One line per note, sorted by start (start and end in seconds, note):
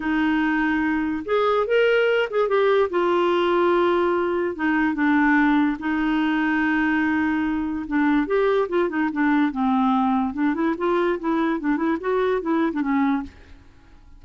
0.00 1.23 D#4
1.25 1.66 G#4
1.66 2.29 A#4
2.30 2.48 G#4
2.48 2.89 G4
2.90 4.55 F4
4.55 4.94 D#4
4.94 5.77 D4
5.79 7.86 D#4
7.87 8.26 D4
8.26 8.68 G4
8.68 8.89 F4
8.89 9.09 D#4
9.12 9.51 D4
9.51 10.33 C4
10.33 10.54 D4
10.54 10.75 E4
10.77 11.19 F4
11.19 11.60 E4
11.60 11.76 D4
11.76 11.97 E4
12.00 12.41 F#4
12.41 12.72 E4
12.72 12.81 D4
12.81 13.22 C#4